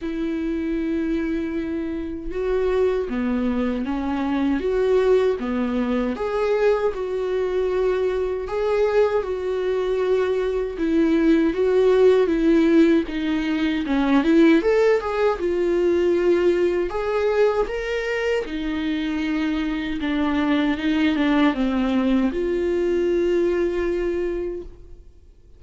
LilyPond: \new Staff \with { instrumentName = "viola" } { \time 4/4 \tempo 4 = 78 e'2. fis'4 | b4 cis'4 fis'4 b4 | gis'4 fis'2 gis'4 | fis'2 e'4 fis'4 |
e'4 dis'4 cis'8 e'8 a'8 gis'8 | f'2 gis'4 ais'4 | dis'2 d'4 dis'8 d'8 | c'4 f'2. | }